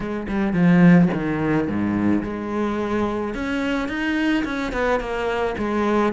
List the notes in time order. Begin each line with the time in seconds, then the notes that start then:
0.00 G#3
0.28 G3
0.53 F3
1.13 D#3
1.67 G#2
2.23 G#3
3.34 C#4
3.88 D#4
4.44 C#4
4.72 B3
4.99 A#3
5.57 G#3